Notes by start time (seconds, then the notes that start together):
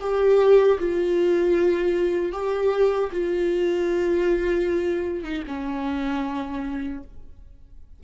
0.00 G4
0.79 F4
2.32 G4
3.12 F4
5.24 D#4
5.47 C#4